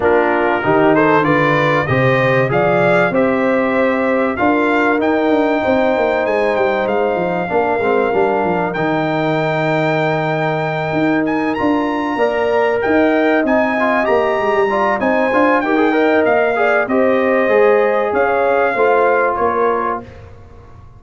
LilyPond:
<<
  \new Staff \with { instrumentName = "trumpet" } { \time 4/4 \tempo 4 = 96 ais'4. c''8 d''4 dis''4 | f''4 e''2 f''4 | g''2 gis''8 g''8 f''4~ | f''2 g''2~ |
g''2 gis''8 ais''4.~ | ais''8 g''4 gis''4 ais''4. | gis''4 g''4 f''4 dis''4~ | dis''4 f''2 cis''4 | }
  \new Staff \with { instrumentName = "horn" } { \time 4/4 f'4 g'8 a'8 b'4 c''4 | d''4 c''2 ais'4~ | ais'4 c''2. | ais'1~ |
ais'2.~ ais'8 d''8~ | d''8 dis''2. d''8 | c''4 ais'8 dis''4 d''8 c''4~ | c''4 cis''4 c''4 ais'4 | }
  \new Staff \with { instrumentName = "trombone" } { \time 4/4 d'4 dis'4 f'4 g'4 | gis'4 g'2 f'4 | dis'1 | d'8 c'8 d'4 dis'2~ |
dis'2~ dis'8 f'4 ais'8~ | ais'4. dis'8 f'8 g'4 f'8 | dis'8 f'8 g'16 gis'16 ais'4 gis'8 g'4 | gis'2 f'2 | }
  \new Staff \with { instrumentName = "tuba" } { \time 4/4 ais4 dis4 d4 c4 | f4 c'2 d'4 | dis'8 d'8 c'8 ais8 gis8 g8 gis8 f8 | ais8 gis8 g8 f8 dis2~ |
dis4. dis'4 d'4 ais8~ | ais8 dis'4 c'4 ais8 gis16 g8. | c'8 d'8 dis'4 ais4 c'4 | gis4 cis'4 a4 ais4 | }
>>